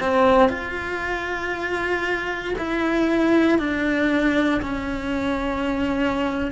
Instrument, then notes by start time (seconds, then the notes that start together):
cello
0.00 C4
0.49 F4
2.58 E4
3.58 D4
4.62 C#4